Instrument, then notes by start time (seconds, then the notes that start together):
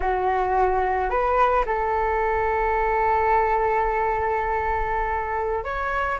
flute
0.00 F#4
1.09 B4
1.65 A4
5.64 C#5